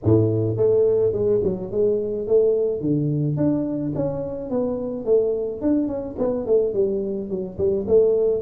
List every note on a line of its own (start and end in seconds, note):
0.03 0.56 A2
0.56 1.12 A3
1.12 1.40 G#3
1.43 1.71 F#3
1.71 2.27 G#3
2.27 2.80 A3
2.80 3.36 D3
3.36 3.92 D4
3.95 4.50 C#4
4.50 5.05 B3
5.05 5.61 A3
5.61 5.87 D4
5.87 6.15 C#4
6.18 6.46 B3
6.46 6.73 A3
6.73 7.29 G3
7.29 7.57 F#3
7.58 7.86 G3
7.87 8.41 A3